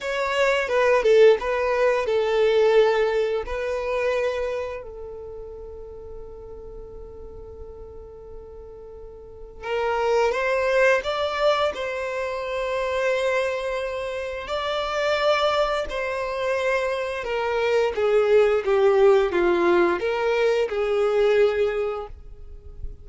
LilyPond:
\new Staff \with { instrumentName = "violin" } { \time 4/4 \tempo 4 = 87 cis''4 b'8 a'8 b'4 a'4~ | a'4 b'2 a'4~ | a'1~ | a'2 ais'4 c''4 |
d''4 c''2.~ | c''4 d''2 c''4~ | c''4 ais'4 gis'4 g'4 | f'4 ais'4 gis'2 | }